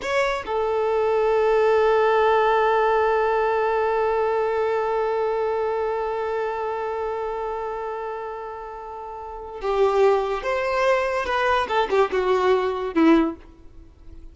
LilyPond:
\new Staff \with { instrumentName = "violin" } { \time 4/4 \tempo 4 = 144 cis''4 a'2.~ | a'1~ | a'1~ | a'1~ |
a'1~ | a'2. g'4~ | g'4 c''2 b'4 | a'8 g'8 fis'2 e'4 | }